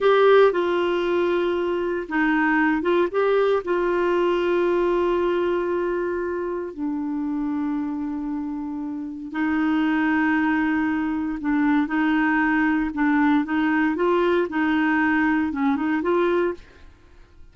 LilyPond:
\new Staff \with { instrumentName = "clarinet" } { \time 4/4 \tempo 4 = 116 g'4 f'2. | dis'4. f'8 g'4 f'4~ | f'1~ | f'4 d'2.~ |
d'2 dis'2~ | dis'2 d'4 dis'4~ | dis'4 d'4 dis'4 f'4 | dis'2 cis'8 dis'8 f'4 | }